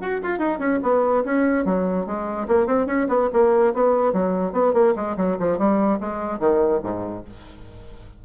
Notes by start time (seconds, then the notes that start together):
0.00 F#4
0.22 F4
0.38 D#4
0.58 C#4
0.82 B3
1.24 C#4
1.65 F#3
2.06 G#3
2.48 A#3
2.66 C4
2.86 C#4
3.08 B3
3.33 A#3
3.74 B3
4.13 F#3
4.52 B3
4.73 A#3
4.95 G#3
5.16 F#3
5.39 F3
5.58 G3
6.00 G#3
6.39 D#3
6.83 G#2